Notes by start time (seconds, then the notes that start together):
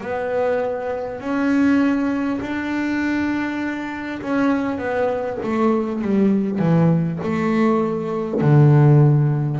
0.00 B3
1.20 C#4
2.41 D4
4.21 C#4
4.78 B3
5.42 A3
6.02 G3
6.59 E3
7.23 A3
8.41 D3